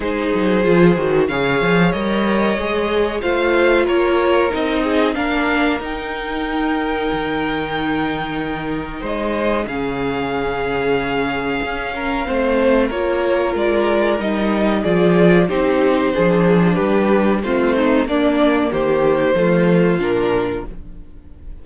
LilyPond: <<
  \new Staff \with { instrumentName = "violin" } { \time 4/4 \tempo 4 = 93 c''2 f''4 dis''4~ | dis''4 f''4 cis''4 dis''4 | f''4 g''2.~ | g''2 dis''4 f''4~ |
f''1 | cis''4 d''4 dis''4 d''4 | c''2 b'4 c''4 | d''4 c''2 ais'4 | }
  \new Staff \with { instrumentName = "violin" } { \time 4/4 gis'2 cis''2~ | cis''4 c''4 ais'4. gis'8 | ais'1~ | ais'2 c''4 gis'4~ |
gis'2~ gis'8 ais'8 c''4 | ais'2. gis'4 | g'4 gis'4 g'4 f'8 dis'8 | d'4 g'4 f'2 | }
  \new Staff \with { instrumentName = "viola" } { \time 4/4 dis'4 f'8 fis'8 gis'4 ais'4 | gis'4 f'2 dis'4 | d'4 dis'2.~ | dis'2. cis'4~ |
cis'2. c'4 | f'2 dis'4 f'4 | dis'4 d'2 c'4 | ais2 a4 d'4 | }
  \new Staff \with { instrumentName = "cello" } { \time 4/4 gis8 fis8 f8 dis8 cis8 f8 g4 | gis4 a4 ais4 c'4 | ais4 dis'2 dis4~ | dis2 gis4 cis4~ |
cis2 cis'4 a4 | ais4 gis4 g4 f4 | c'4 f4 g4 a4 | ais4 dis4 f4 ais,4 | }
>>